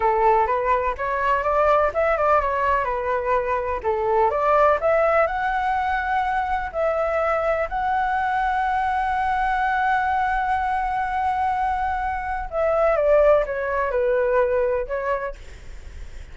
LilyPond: \new Staff \with { instrumentName = "flute" } { \time 4/4 \tempo 4 = 125 a'4 b'4 cis''4 d''4 | e''8 d''8 cis''4 b'2 | a'4 d''4 e''4 fis''4~ | fis''2 e''2 |
fis''1~ | fis''1~ | fis''2 e''4 d''4 | cis''4 b'2 cis''4 | }